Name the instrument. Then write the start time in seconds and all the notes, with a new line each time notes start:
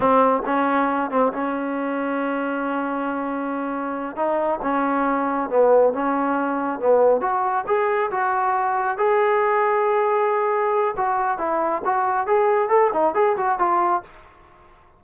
trombone
0.00 C4
0.45 C#4
1.10 C4
1.32 C#4
4.15 D#4
4.62 C#4
5.49 B3
5.93 C#4
6.79 B3
7.20 F#4
7.66 G#4
8.10 F#4
8.97 G#4
10.96 F#4
11.38 E4
11.84 F#4
12.26 G#4
12.68 A4
12.93 D#4
13.14 G#4
13.36 F#4
13.58 F4